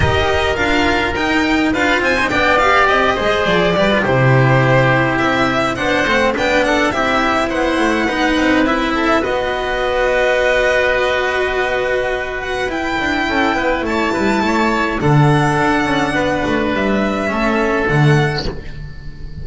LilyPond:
<<
  \new Staff \with { instrumentName = "violin" } { \time 4/4 \tempo 4 = 104 dis''4 f''4 g''4 f''8 gis''8 | g''8 f''8 dis''4 d''4 c''4~ | c''4 e''4 fis''4 g''8 fis''8 | e''4 fis''2 e''4 |
dis''1~ | dis''4. fis''8 g''2 | a''2 fis''2~ | fis''4 e''2 fis''4 | }
  \new Staff \with { instrumentName = "oboe" } { \time 4/4 ais'2. b'8 c''8 | d''4. c''4 b'8 g'4~ | g'2 c''4 b'8 a'8 | g'4 c''4 b'4. a'8 |
b'1~ | b'2. a'8 b'8 | cis''8 b'8 cis''4 a'2 | b'2 a'2 | }
  \new Staff \with { instrumentName = "cello" } { \time 4/4 g'4 f'4 dis'4 f'8. dis'16 | d'8 g'4 gis'4 g'16 f'16 e'4~ | e'2 d'8 c'8 d'4 | e'2 dis'4 e'4 |
fis'1~ | fis'2 e'2~ | e'2 d'2~ | d'2 cis'4 a4 | }
  \new Staff \with { instrumentName = "double bass" } { \time 4/4 dis'4 d'4 dis'4 d'8 c'8 | b4 c'8 gis8 f8 g8 c4~ | c4 c'4 b8 a8 b4 | c'4 b8 a8 b8 c'4. |
b1~ | b2 e'8 d'8 cis'8 b8 | a8 g8 a4 d4 d'8 cis'8 | b8 a8 g4 a4 d4 | }
>>